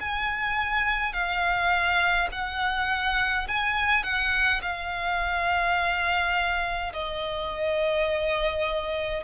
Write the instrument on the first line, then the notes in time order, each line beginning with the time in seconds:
violin
0.00 G#5
1.13 F5
2.32 F#5
3.48 G#5
4.03 F#5
4.62 F5
6.93 D#5